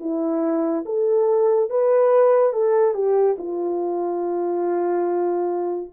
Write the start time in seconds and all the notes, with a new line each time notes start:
0.00 E4
0.85 A4
1.70 B4
2.53 A4
2.94 G4
3.38 F4